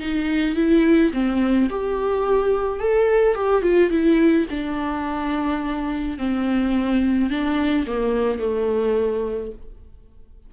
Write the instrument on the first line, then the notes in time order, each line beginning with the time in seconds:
viola
0.00 D#4
0.56 E4
1.14 C4
1.70 G4
2.80 A4
3.35 G4
3.63 F4
3.91 E4
4.50 D4
6.18 C4
7.30 D4
7.87 A#3
8.40 A3